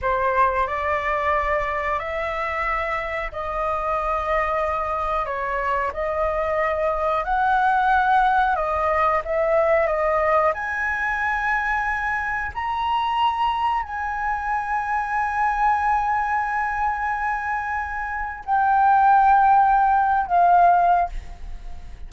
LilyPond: \new Staff \with { instrumentName = "flute" } { \time 4/4 \tempo 4 = 91 c''4 d''2 e''4~ | e''4 dis''2. | cis''4 dis''2 fis''4~ | fis''4 dis''4 e''4 dis''4 |
gis''2. ais''4~ | ais''4 gis''2.~ | gis''1 | g''2~ g''8. f''4~ f''16 | }